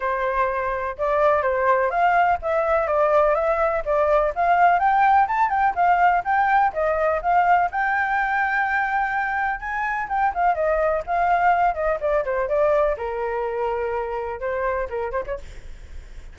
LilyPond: \new Staff \with { instrumentName = "flute" } { \time 4/4 \tempo 4 = 125 c''2 d''4 c''4 | f''4 e''4 d''4 e''4 | d''4 f''4 g''4 a''8 g''8 | f''4 g''4 dis''4 f''4 |
g''1 | gis''4 g''8 f''8 dis''4 f''4~ | f''8 dis''8 d''8 c''8 d''4 ais'4~ | ais'2 c''4 ais'8 c''16 cis''16 | }